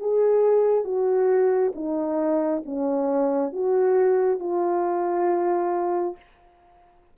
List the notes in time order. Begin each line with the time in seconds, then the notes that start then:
0.00 G#4
0.85 F#4
1.75 D#4
2.66 C#4
3.53 F#4
4.40 F4